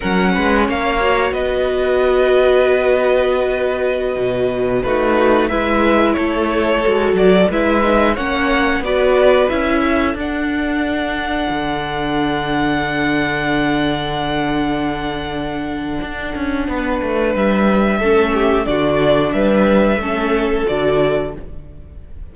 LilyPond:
<<
  \new Staff \with { instrumentName = "violin" } { \time 4/4 \tempo 4 = 90 fis''4 f''4 dis''2~ | dis''2.~ dis''16 b'8.~ | b'16 e''4 cis''4. d''8 e''8.~ | e''16 fis''4 d''4 e''4 fis''8.~ |
fis''1~ | fis''1~ | fis''2 e''2 | d''4 e''2 d''4 | }
  \new Staff \with { instrumentName = "violin" } { \time 4/4 ais'8 b'8 cis''4 b'2~ | b'2.~ b'16 fis'8.~ | fis'16 b'4 a'2 b'8.~ | b'16 cis''4 b'4. a'4~ a'16~ |
a'1~ | a'1~ | a'4 b'2 a'8 g'8 | fis'4 b'4 a'2 | }
  \new Staff \with { instrumentName = "viola" } { \time 4/4 cis'4. fis'2~ fis'8~ | fis'2.~ fis'16 dis'8.~ | dis'16 e'2 fis'4 e'8 dis'16~ | dis'16 cis'4 fis'4 e'4 d'8.~ |
d'1~ | d'1~ | d'2. cis'4 | d'2 cis'4 fis'4 | }
  \new Staff \with { instrumentName = "cello" } { \time 4/4 fis8 gis8 ais4 b2~ | b2~ b16 b,4 a8.~ | a16 gis4 a4 gis8 fis8 gis8.~ | gis16 ais4 b4 cis'4 d'8.~ |
d'4~ d'16 d2~ d8.~ | d1 | d'8 cis'8 b8 a8 g4 a4 | d4 g4 a4 d4 | }
>>